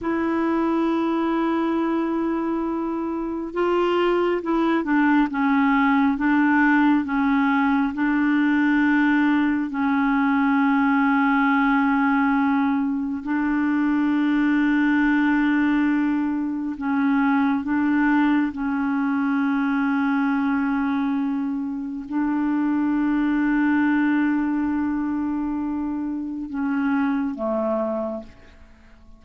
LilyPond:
\new Staff \with { instrumentName = "clarinet" } { \time 4/4 \tempo 4 = 68 e'1 | f'4 e'8 d'8 cis'4 d'4 | cis'4 d'2 cis'4~ | cis'2. d'4~ |
d'2. cis'4 | d'4 cis'2.~ | cis'4 d'2.~ | d'2 cis'4 a4 | }